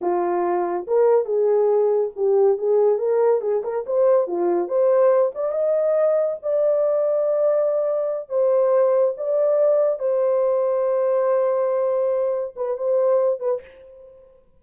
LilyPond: \new Staff \with { instrumentName = "horn" } { \time 4/4 \tempo 4 = 141 f'2 ais'4 gis'4~ | gis'4 g'4 gis'4 ais'4 | gis'8 ais'8 c''4 f'4 c''4~ | c''8 d''8 dis''2 d''4~ |
d''2.~ d''8 c''8~ | c''4. d''2 c''8~ | c''1~ | c''4. b'8 c''4. b'8 | }